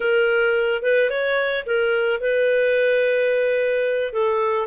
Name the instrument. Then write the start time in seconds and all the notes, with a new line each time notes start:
clarinet
0.00 A#4
0.82 B4
1.10 C#5
1.66 A#4
2.20 B4
4.12 A4